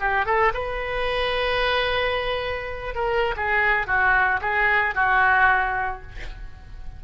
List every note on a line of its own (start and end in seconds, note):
0.00 0.26 G4
0.26 0.52 A4
0.54 2.95 B4
2.95 3.35 A#4
3.37 3.87 G#4
3.87 4.40 F#4
4.41 4.95 G#4
4.95 6.02 F#4